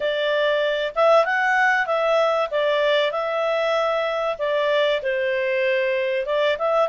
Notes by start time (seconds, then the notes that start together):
0.00 D5
0.95 E5
1.25 F#5
1.86 E5
2.50 D5
3.11 E5
4.38 D5
5.02 C5
6.26 D5
6.58 E5